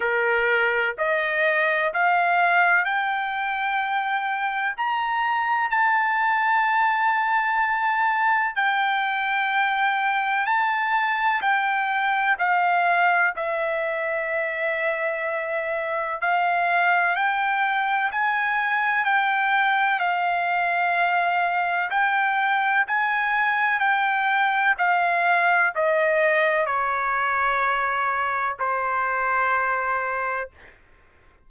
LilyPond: \new Staff \with { instrumentName = "trumpet" } { \time 4/4 \tempo 4 = 63 ais'4 dis''4 f''4 g''4~ | g''4 ais''4 a''2~ | a''4 g''2 a''4 | g''4 f''4 e''2~ |
e''4 f''4 g''4 gis''4 | g''4 f''2 g''4 | gis''4 g''4 f''4 dis''4 | cis''2 c''2 | }